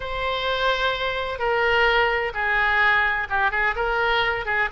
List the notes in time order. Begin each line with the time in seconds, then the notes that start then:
0.00 C5
1.38 A#4
2.34 G#4
3.29 G4
3.51 G#4
3.75 A#4
4.45 G#4